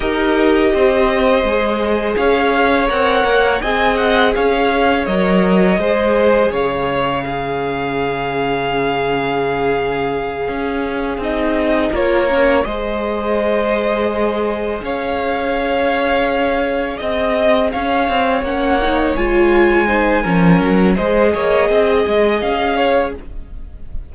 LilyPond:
<<
  \new Staff \with { instrumentName = "violin" } { \time 4/4 \tempo 4 = 83 dis''2. f''4 | fis''4 gis''8 fis''8 f''4 dis''4~ | dis''4 f''2.~ | f''2.~ f''8 dis''8~ |
dis''8 cis''4 dis''2~ dis''8~ | dis''8 f''2. dis''8~ | dis''8 f''4 fis''4 gis''4.~ | gis''4 dis''2 f''4 | }
  \new Staff \with { instrumentName = "violin" } { \time 4/4 ais'4 c''2 cis''4~ | cis''4 dis''4 cis''2 | c''4 cis''4 gis'2~ | gis'1~ |
gis'8 ais'4 c''2~ c''8~ | c''8 cis''2. dis''8~ | dis''8 cis''2. c''8 | ais'4 c''8 cis''8 dis''4. cis''8 | }
  \new Staff \with { instrumentName = "viola" } { \time 4/4 g'2 gis'2 | ais'4 gis'2 ais'4 | gis'2 cis'2~ | cis'2.~ cis'8 dis'8~ |
dis'8 f'8 cis'8 gis'2~ gis'8~ | gis'1~ | gis'4. cis'8 dis'8 f'4 dis'8 | cis'4 gis'2. | }
  \new Staff \with { instrumentName = "cello" } { \time 4/4 dis'4 c'4 gis4 cis'4 | c'8 ais8 c'4 cis'4 fis4 | gis4 cis2.~ | cis2~ cis8 cis'4 c'8~ |
c'8 ais4 gis2~ gis8~ | gis8 cis'2. c'8~ | c'8 cis'8 c'8 ais4 gis4. | f8 fis8 gis8 ais8 c'8 gis8 cis'4 | }
>>